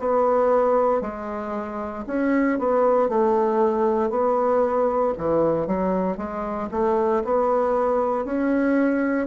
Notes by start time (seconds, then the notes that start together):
0.00 B3
1.02 G#3
2.07 C#4
2.60 B3
3.09 A3
4.11 B3
5.18 E3
5.68 F#3
6.17 G#3
6.71 A3
7.25 B3
8.25 C#4